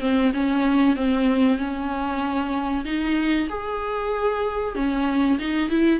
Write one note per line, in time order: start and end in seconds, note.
0.00 0.32 C4
0.33 0.96 C#4
0.96 1.58 C4
1.58 2.84 C#4
2.84 3.47 D#4
3.49 4.75 G#4
4.75 5.38 C#4
5.38 5.70 D#4
5.70 5.99 E4